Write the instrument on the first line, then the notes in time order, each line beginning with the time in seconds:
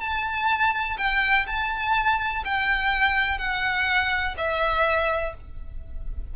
violin
0.00 A5
0.97 G5
1.46 A5
2.44 G5
3.38 F#5
4.37 E5